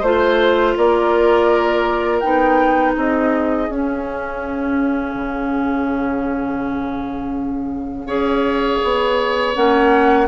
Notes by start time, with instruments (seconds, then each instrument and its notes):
0.00 bassoon A3, clarinet F4, oboe C5, flute C5
0.77 bassoon A#3, oboe A#4, flute D5
2.19 bassoon B3, clarinet D#4, flute G5
2.95 bassoon C4, oboe G#4, flute D#5
3.69 bassoon C#4, clarinet C#4, flute F5
5.14 bassoon C#3
8.05 bassoon C#4, clarinet G#4, oboe C#5
8.83 bassoon B3
9.54 bassoon A#3, clarinet C#4, flute F#5